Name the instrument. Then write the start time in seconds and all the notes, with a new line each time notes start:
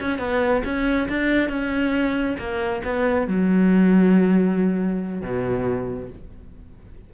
cello
0.00 C#4
0.18 B3
0.64 C#4
1.08 D4
1.49 C#4
2.38 A#3
2.84 B3
3.27 F#3
5.21 B2